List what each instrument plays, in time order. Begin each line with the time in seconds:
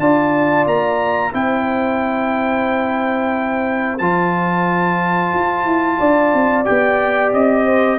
0.00 tuba D4, trombone F4, horn D5, trumpet A5
0.67 tuba A#3, trumpet A#5
1.33 tuba C4, trombone E4, horn C5, trumpet G5
3.98 tuba F3, trombone F4, trumpet A5
5.34 tuba F4
5.65 tuba E4
5.99 tuba D4, horn D5
6.34 tuba C4
6.65 tuba B3, trombone G4, trumpet G5
7.33 tuba C4, trumpet D#5
7.66 horn C5